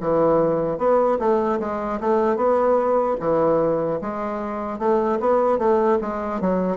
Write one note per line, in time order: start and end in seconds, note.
0.00 0.78 E3
0.78 1.18 B3
1.19 1.59 A3
1.60 2.00 G#3
2.00 2.36 A3
2.36 3.16 B3
3.20 4.00 E3
4.01 4.79 G#3
4.79 5.19 A3
5.20 5.58 B3
5.58 5.98 A3
6.01 6.40 G#3
6.40 6.77 F#3